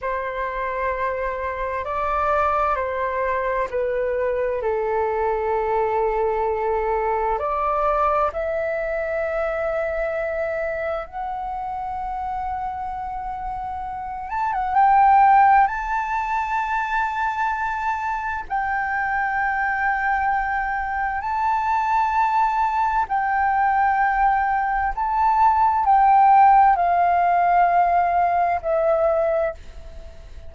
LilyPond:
\new Staff \with { instrumentName = "flute" } { \time 4/4 \tempo 4 = 65 c''2 d''4 c''4 | b'4 a'2. | d''4 e''2. | fis''2.~ fis''8 a''16 fis''16 |
g''4 a''2. | g''2. a''4~ | a''4 g''2 a''4 | g''4 f''2 e''4 | }